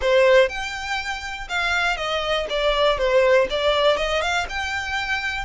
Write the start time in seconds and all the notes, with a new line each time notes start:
0.01 C5
0.48 G5
1.48 F5
1.97 D#5
2.49 D5
2.98 C5
3.50 D5
3.96 D#5
4.21 F5
4.49 G5